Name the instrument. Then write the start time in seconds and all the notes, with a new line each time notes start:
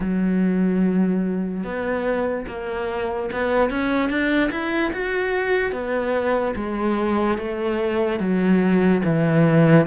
cello
0.00 F#3
1.64 B3
2.47 A#3
3.32 B3
3.70 C#4
4.09 D4
4.51 E4
4.92 F#4
5.72 B3
6.55 G#3
7.37 A3
8.19 F#3
9.04 E3